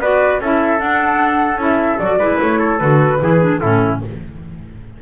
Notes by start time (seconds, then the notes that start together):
0.00 B3 F#4 B4 D5
0.40 C#4 E4 A4 E5
0.80 D4 F#5
1.57 C#4 E4 E5
1.99 F#3 F#4 D5
2.19 G#3 E4 B4
2.42 A3 C#5
2.59 A4
2.79 D3 F#4 B4
3.20 E3 E4 G#4
3.41 D4
3.59 A2 C#4 E4 A4